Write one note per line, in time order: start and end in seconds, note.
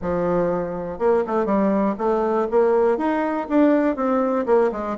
0.01 0.98 F3
0.98 1.23 A#3
1.26 1.45 A3
1.45 1.95 G3
1.97 2.47 A3
2.50 2.97 A#3
2.97 3.47 D#4
3.49 3.96 D4
3.96 4.45 C4
4.46 4.70 A#3
4.72 4.97 G#3